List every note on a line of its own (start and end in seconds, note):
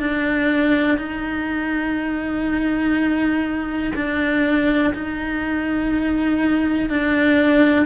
0.00 0.98 D4
0.98 3.93 D#4
3.95 4.94 D4
4.94 6.90 D#4
6.90 7.86 D4